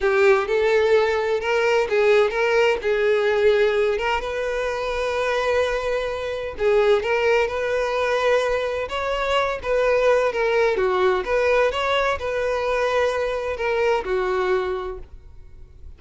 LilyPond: \new Staff \with { instrumentName = "violin" } { \time 4/4 \tempo 4 = 128 g'4 a'2 ais'4 | gis'4 ais'4 gis'2~ | gis'8 ais'8 b'2.~ | b'2 gis'4 ais'4 |
b'2. cis''4~ | cis''8 b'4. ais'4 fis'4 | b'4 cis''4 b'2~ | b'4 ais'4 fis'2 | }